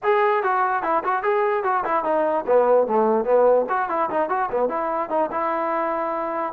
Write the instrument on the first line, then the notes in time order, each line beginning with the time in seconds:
trombone
0.03 G#4
0.43 F#4
0.82 E4
1.04 F#4
1.22 G#4
1.63 F#4
1.84 E4
2.04 D#4
2.46 B3
2.87 A3
3.24 B3
3.69 F#4
3.89 E4
4.09 D#4
4.29 F#4
4.51 B3
4.68 E4
5.09 D#4
5.31 E4